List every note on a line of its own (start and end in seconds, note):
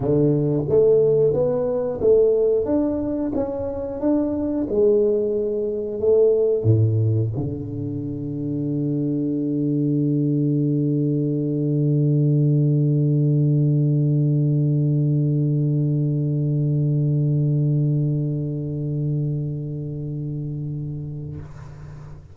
0.00 0.64 D3
0.68 1.33 A3
1.33 2.00 B3
2.00 2.65 A3
2.65 3.32 D4
3.35 4.00 C#4
4.00 4.67 D4
4.68 6.00 G#3
6.00 6.63 A3
6.63 7.30 A2
7.36 21.36 D3